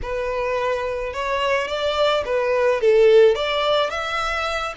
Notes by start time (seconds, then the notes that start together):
0.02 B4
1.13 C#5
1.67 D5
2.25 B4
2.80 A4
3.35 D5
3.90 E5